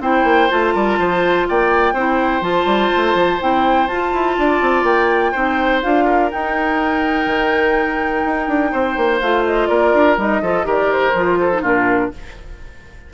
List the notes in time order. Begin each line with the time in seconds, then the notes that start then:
0.00 C4 E4 C5 G5
0.24 A#3
0.49 A3 F4 A5
0.74 G3 A#4
0.98 F3 C5
1.48 A#3 D5 G5
1.93 C4 E4 C5
2.41 F3 F4 A5
2.65 G3
2.96 A3
3.14 F3
3.40 C4 E4 G5
3.87 F4 A5
4.13 E4
4.37 D4 D5
4.61 C4
4.83 A#3 G5
5.31 C4 D#4 C5
5.81 D4 F4 F5
6.05 A#4
6.30 D#4 G5
7.26 D#3
8.24 D#4
8.47 D4
8.72 C4 C5
8.96 A#3
9.19 A3 F4 F5
9.45 D#5
9.67 A#3 A#4 D5
9.93 D4
10.17 G3 D#4 D#5
10.41 F3 F4 A4
10.64 D#3 G4 A#4 D5
10.92 C5
11.14 F3 F4
11.40 A4
11.52 D#4
11.61 A#2 D4 F4 A#4